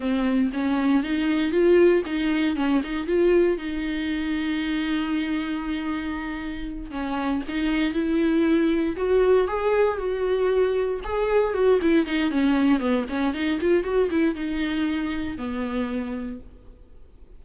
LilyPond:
\new Staff \with { instrumentName = "viola" } { \time 4/4 \tempo 4 = 117 c'4 cis'4 dis'4 f'4 | dis'4 cis'8 dis'8 f'4 dis'4~ | dis'1~ | dis'4. cis'4 dis'4 e'8~ |
e'4. fis'4 gis'4 fis'8~ | fis'4. gis'4 fis'8 e'8 dis'8 | cis'4 b8 cis'8 dis'8 f'8 fis'8 e'8 | dis'2 b2 | }